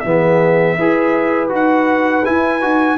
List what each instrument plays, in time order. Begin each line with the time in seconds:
0.00 tuba E3, trombone B3, horn G#4, trumpet E5
0.77 tuba E4, trombone G#4, horn B4
1.49 tuba D#4, trombone F#4, trumpet F#5
2.25 trombone E4, tuba E4, trumpet G#5
2.61 tuba D#4, trombone F#4